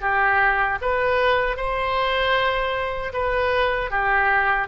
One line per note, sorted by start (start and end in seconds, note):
0.00 0.78 G4
0.81 1.56 B4
1.56 3.12 C5
3.13 3.90 B4
3.90 4.68 G4